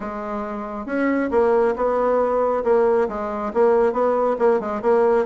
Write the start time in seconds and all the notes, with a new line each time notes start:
0.00 G#3
0.86 C#4
1.31 A#3
1.76 B3
2.64 A#3
3.08 G#3
3.53 A#3
3.92 B3
4.38 A#3
4.59 G#3
4.82 A#3